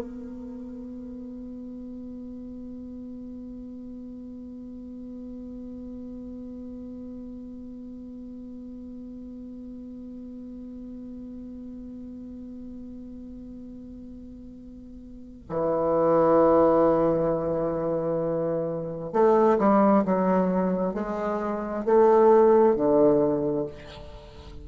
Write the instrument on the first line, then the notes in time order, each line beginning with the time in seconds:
bassoon
0.00 B3
15.49 E3
19.12 A3
19.58 G3
20.05 F#3
20.93 G#3
21.85 A3
22.75 D3